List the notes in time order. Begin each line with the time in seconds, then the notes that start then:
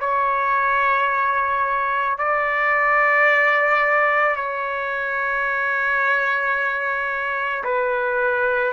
0.00 C#5
2.18 D5
4.36 C#5
7.64 B4